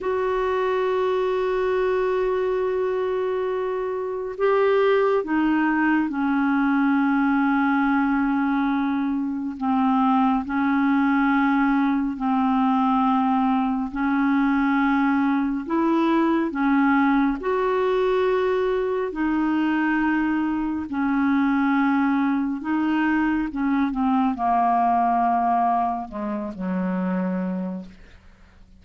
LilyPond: \new Staff \with { instrumentName = "clarinet" } { \time 4/4 \tempo 4 = 69 fis'1~ | fis'4 g'4 dis'4 cis'4~ | cis'2. c'4 | cis'2 c'2 |
cis'2 e'4 cis'4 | fis'2 dis'2 | cis'2 dis'4 cis'8 c'8 | ais2 gis8 fis4. | }